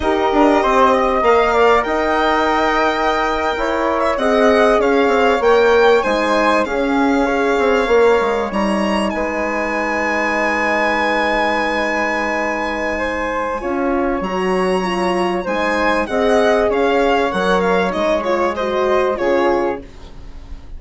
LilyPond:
<<
  \new Staff \with { instrumentName = "violin" } { \time 4/4 \tempo 4 = 97 dis''2 f''4 g''4~ | g''2~ g''8 e''16 fis''4 f''16~ | f''8. g''4 gis''4 f''4~ f''16~ | f''4.~ f''16 ais''4 gis''4~ gis''16~ |
gis''1~ | gis''2. ais''4~ | ais''4 gis''4 fis''4 f''4 | fis''8 f''8 dis''8 cis''8 dis''4 cis''4 | }
  \new Staff \with { instrumentName = "flute" } { \time 4/4 ais'4 c''8 dis''4 d''8 dis''4~ | dis''4.~ dis''16 cis''4 dis''4 cis''16~ | cis''4.~ cis''16 c''4 gis'4 cis''16~ | cis''2~ cis''8. b'4~ b'16~ |
b'1~ | b'4 c''4 cis''2~ | cis''4 c''4 dis''4 cis''4~ | cis''2 c''4 gis'4 | }
  \new Staff \with { instrumentName = "horn" } { \time 4/4 g'2 ais'2~ | ais'2~ ais'8. gis'4~ gis'16~ | gis'8. ais'4 dis'4 cis'4 gis'16~ | gis'8. ais'4 dis'2~ dis'16~ |
dis'1~ | dis'2 f'4 fis'4 | f'4 dis'4 gis'2 | ais'4 dis'8 f'8 fis'4 f'4 | }
  \new Staff \with { instrumentName = "bassoon" } { \time 4/4 dis'8 d'8 c'4 ais4 dis'4~ | dis'4.~ dis'16 e'4 c'4 cis'16~ | cis'16 c'8 ais4 gis4 cis'4~ cis'16~ | cis'16 c'8 ais8 gis8 g4 gis4~ gis16~ |
gis1~ | gis2 cis'4 fis4~ | fis4 gis4 c'4 cis'4 | fis4 gis2 cis4 | }
>>